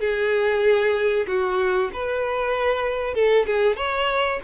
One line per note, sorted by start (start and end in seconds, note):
0.00 1.26 G#4
1.27 1.90 F#4
1.93 3.15 B4
3.15 3.46 A4
3.46 3.76 G#4
3.76 4.40 C#5